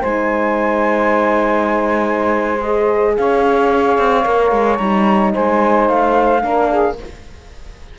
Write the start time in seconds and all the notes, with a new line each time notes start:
0.00 G#3 D#4 C5 G#5
2.61 G#4 D#5
3.17 C#4 C#5 F5
3.98 C4
4.24 A#3 A#4
4.51 G#3
4.76 G3 D#4 A#5
5.33 G#3 C5 G#5
5.88 A3 F5
6.42 A#3 D4 A#4
6.69 G#4